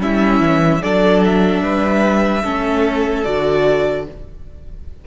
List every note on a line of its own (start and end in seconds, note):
0.00 0.40 G3
0.00 0.81 C#4
0.00 0.82 E4
0.00 0.82 E5
0.40 0.81 E3
0.82 1.62 F#3
0.82 2.44 D4
0.82 1.63 A4
0.82 1.23 D5
1.25 3.24 E5
1.62 2.43 G3
1.62 2.43 B4
2.43 3.26 A3
2.43 3.25 C#4
2.43 4.05 A4
3.24 4.08 D3
3.24 4.06 F#4
3.24 4.05 D5